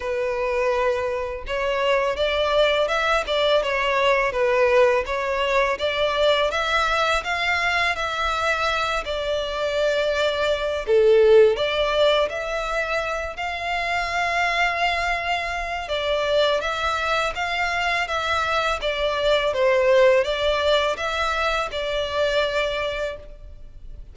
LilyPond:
\new Staff \with { instrumentName = "violin" } { \time 4/4 \tempo 4 = 83 b'2 cis''4 d''4 | e''8 d''8 cis''4 b'4 cis''4 | d''4 e''4 f''4 e''4~ | e''8 d''2~ d''8 a'4 |
d''4 e''4. f''4.~ | f''2 d''4 e''4 | f''4 e''4 d''4 c''4 | d''4 e''4 d''2 | }